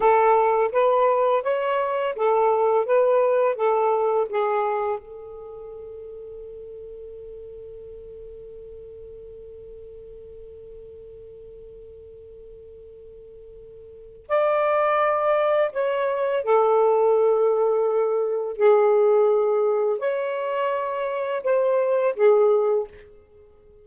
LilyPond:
\new Staff \with { instrumentName = "saxophone" } { \time 4/4 \tempo 4 = 84 a'4 b'4 cis''4 a'4 | b'4 a'4 gis'4 a'4~ | a'1~ | a'1~ |
a'1 | d''2 cis''4 a'4~ | a'2 gis'2 | cis''2 c''4 gis'4 | }